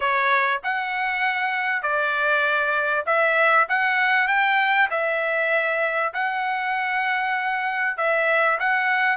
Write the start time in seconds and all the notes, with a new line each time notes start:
0.00 C#5
0.63 F#5
1.82 D5
3.06 E5
3.68 F#5
4.27 G5
4.90 E5
6.13 F#5
7.97 E5
8.59 F#5